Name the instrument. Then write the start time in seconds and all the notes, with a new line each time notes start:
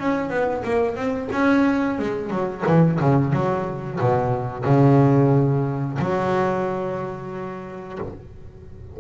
double bass
0.00 C#4
0.30 B3
0.64 A#3
0.96 C4
1.32 C#4
1.99 G#3
2.31 F#3
2.67 E3
3.01 C#3
3.33 F#3
4.00 B2
4.65 C#3
5.99 F#3